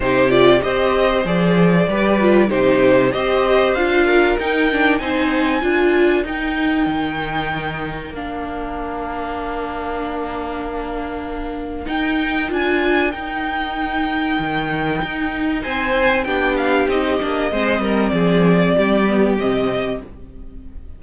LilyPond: <<
  \new Staff \with { instrumentName = "violin" } { \time 4/4 \tempo 4 = 96 c''8 d''8 dis''4 d''2 | c''4 dis''4 f''4 g''4 | gis''2 g''2~ | g''4 f''2.~ |
f''2. g''4 | gis''4 g''2.~ | g''4 gis''4 g''8 f''8 dis''4~ | dis''4 d''2 dis''4 | }
  \new Staff \with { instrumentName = "violin" } { \time 4/4 g'4 c''2 b'4 | g'4 c''4. ais'4. | c''4 ais'2.~ | ais'1~ |
ais'1~ | ais'1~ | ais'4 c''4 g'2 | c''8 ais'8 gis'4 g'2 | }
  \new Staff \with { instrumentName = "viola" } { \time 4/4 dis'8 f'8 g'4 gis'4 g'8 f'8 | dis'4 g'4 f'4 dis'8 d'8 | dis'4 f'4 dis'2~ | dis'4 d'2.~ |
d'2. dis'4 | f'4 dis'2.~ | dis'2 d'4 dis'8 d'8 | c'2~ c'8 b8 c'4 | }
  \new Staff \with { instrumentName = "cello" } { \time 4/4 c4 c'4 f4 g4 | c4 c'4 d'4 dis'4 | c'4 d'4 dis'4 dis4~ | dis4 ais2.~ |
ais2. dis'4 | d'4 dis'2 dis4 | dis'4 c'4 b4 c'8 ais8 | gis8 g8 f4 g4 c4 | }
>>